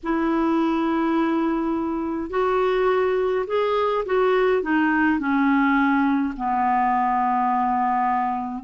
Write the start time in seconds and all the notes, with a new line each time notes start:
0.03 E4
2.30 F#4
3.46 G#4
4.05 F#4
4.62 D#4
5.19 C#4
6.36 B3